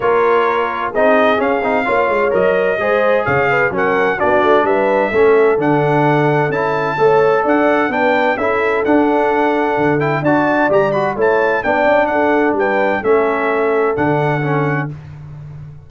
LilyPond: <<
  \new Staff \with { instrumentName = "trumpet" } { \time 4/4 \tempo 4 = 129 cis''2 dis''4 f''4~ | f''4 dis''2 f''4 | fis''4 d''4 e''2 | fis''2 a''2 |
fis''4 g''4 e''4 fis''4~ | fis''4. g''8 a''4 ais''8 b''8 | a''4 g''4 fis''4 g''4 | e''2 fis''2 | }
  \new Staff \with { instrumentName = "horn" } { \time 4/4 ais'2 gis'2 | cis''2 c''4 cis''8 b'8 | ais'4 fis'4 b'4 a'4~ | a'2. cis''4 |
d''4 b'4 a'2~ | a'2 d''2 | cis''4 d''4 a'4 b'4 | a'1 | }
  \new Staff \with { instrumentName = "trombone" } { \time 4/4 f'2 dis'4 cis'8 dis'8 | f'4 ais'4 gis'2 | cis'4 d'2 cis'4 | d'2 e'4 a'4~ |
a'4 d'4 e'4 d'4~ | d'4. e'8 fis'4 g'8 fis'8 | e'4 d'2. | cis'2 d'4 cis'4 | }
  \new Staff \with { instrumentName = "tuba" } { \time 4/4 ais2 c'4 cis'8 c'8 | ais8 gis8 fis4 gis4 cis4 | fis4 b8 a8 g4 a4 | d2 cis'4 a4 |
d'4 b4 cis'4 d'4~ | d'4 d4 d'4 g4 | a4 b8 cis'8 d'4 g4 | a2 d2 | }
>>